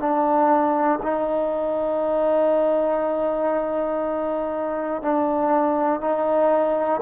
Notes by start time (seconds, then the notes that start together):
0.00 D4
1.03 D#4
5.03 D4
6.01 D#4